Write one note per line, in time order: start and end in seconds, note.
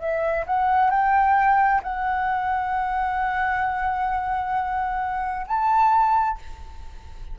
0.00 0.45 E5
0.47 0.91 F#5
0.91 1.82 G5
1.83 5.47 F#5
5.48 6.39 A5